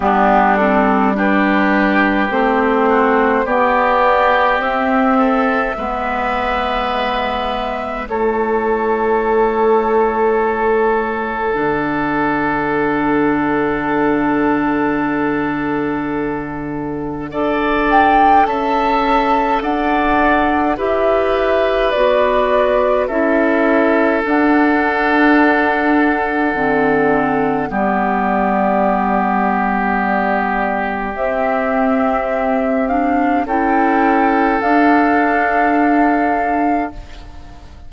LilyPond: <<
  \new Staff \with { instrumentName = "flute" } { \time 4/4 \tempo 4 = 52 g'8 a'8 b'4 c''4 d''4 | e''2. cis''4~ | cis''2 fis''2~ | fis''2.~ fis''8 g''8 |
a''4 fis''4 e''4 d''4 | e''4 fis''2. | d''2. e''4~ | e''8 f''8 g''4 f''2 | }
  \new Staff \with { instrumentName = "oboe" } { \time 4/4 d'4 g'4. fis'8 g'4~ | g'8 a'8 b'2 a'4~ | a'1~ | a'2. d''4 |
e''4 d''4 b'2 | a'1 | g'1~ | g'4 a'2. | }
  \new Staff \with { instrumentName = "clarinet" } { \time 4/4 b8 c'8 d'4 c'4 b4 | c'4 b2 e'4~ | e'2 d'2~ | d'2. a'4~ |
a'2 g'4 fis'4 | e'4 d'2 c'4 | b2. c'4~ | c'8 d'8 e'4 d'2 | }
  \new Staff \with { instrumentName = "bassoon" } { \time 4/4 g2 a4 b4 | c'4 gis2 a4~ | a2 d2~ | d2. d'4 |
cis'4 d'4 e'4 b4 | cis'4 d'2 d4 | g2. c'4~ | c'4 cis'4 d'2 | }
>>